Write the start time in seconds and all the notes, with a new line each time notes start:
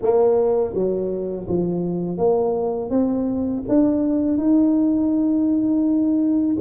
0.02 A#3
0.74 F#3
1.48 F3
2.17 A#3
2.90 C4
3.68 D4
4.37 D#4